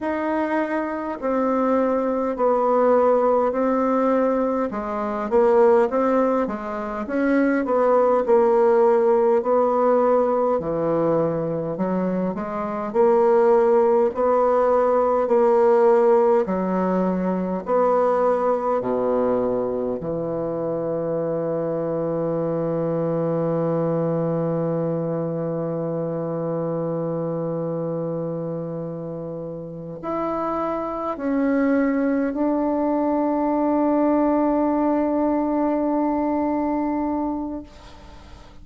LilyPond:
\new Staff \with { instrumentName = "bassoon" } { \time 4/4 \tempo 4 = 51 dis'4 c'4 b4 c'4 | gis8 ais8 c'8 gis8 cis'8 b8 ais4 | b4 e4 fis8 gis8 ais4 | b4 ais4 fis4 b4 |
b,4 e2.~ | e1~ | e4. e'4 cis'4 d'8~ | d'1 | }